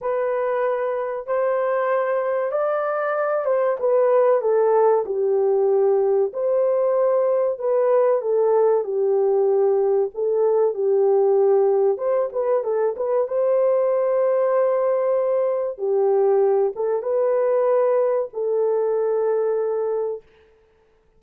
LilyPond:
\new Staff \with { instrumentName = "horn" } { \time 4/4 \tempo 4 = 95 b'2 c''2 | d''4. c''8 b'4 a'4 | g'2 c''2 | b'4 a'4 g'2 |
a'4 g'2 c''8 b'8 | a'8 b'8 c''2.~ | c''4 g'4. a'8 b'4~ | b'4 a'2. | }